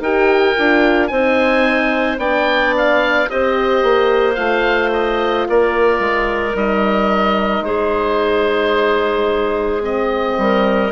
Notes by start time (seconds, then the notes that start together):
0.00 D#4 G4 A#4 G5
0.56 D4 F4
1.07 C4 D#4 C5 G#5
2.18 B3 D4 D5 G5
2.77 F5
3.29 C4 G4 C5 D#5
3.83 A#3
4.35 A3 F4 F5
4.93 D#5
5.49 A#3 A#4 D5
6.00 G#3
6.54 G3 D#4 D#5
7.61 G#3 G#4 C5
9.81 C4 D#5
10.38 G3 A#4